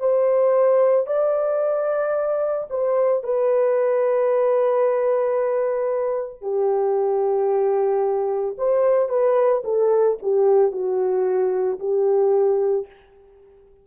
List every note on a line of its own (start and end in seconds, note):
0.00 1.07 C5
1.07 2.68 D5
2.70 3.23 C5
3.24 6.42 B4
6.42 8.56 G4
8.58 9.09 C5
9.09 9.63 B4
9.64 10.18 A4
10.22 10.72 G4
10.72 11.79 F#4
11.80 12.87 G4